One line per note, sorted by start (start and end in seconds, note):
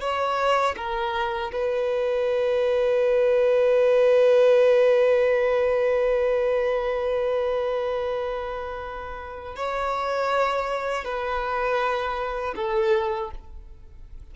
0.00 0.75 C#5
0.77 1.52 A#4
1.52 9.56 B4
9.56 11.05 C#5
11.05 12.55 B4
12.56 13.31 A4